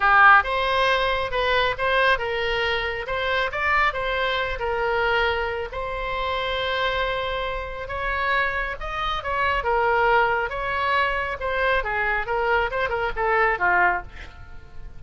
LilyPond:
\new Staff \with { instrumentName = "oboe" } { \time 4/4 \tempo 4 = 137 g'4 c''2 b'4 | c''4 ais'2 c''4 | d''4 c''4. ais'4.~ | ais'4 c''2.~ |
c''2 cis''2 | dis''4 cis''4 ais'2 | cis''2 c''4 gis'4 | ais'4 c''8 ais'8 a'4 f'4 | }